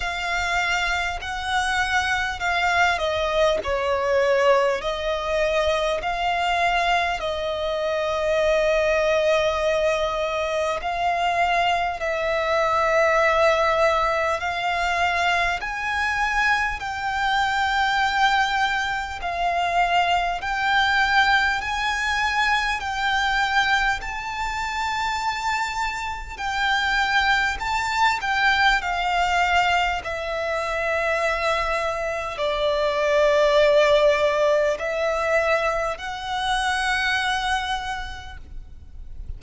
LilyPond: \new Staff \with { instrumentName = "violin" } { \time 4/4 \tempo 4 = 50 f''4 fis''4 f''8 dis''8 cis''4 | dis''4 f''4 dis''2~ | dis''4 f''4 e''2 | f''4 gis''4 g''2 |
f''4 g''4 gis''4 g''4 | a''2 g''4 a''8 g''8 | f''4 e''2 d''4~ | d''4 e''4 fis''2 | }